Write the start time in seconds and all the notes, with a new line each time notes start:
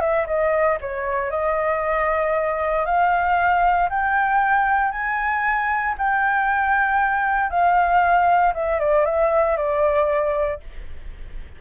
0.00 E5
0.27 D#5
0.80 C#5
1.30 D#5
2.85 F5
3.89 G5
4.91 G#5
5.98 G5
7.50 F5
8.54 E5
8.80 D5
9.05 E5
9.57 D5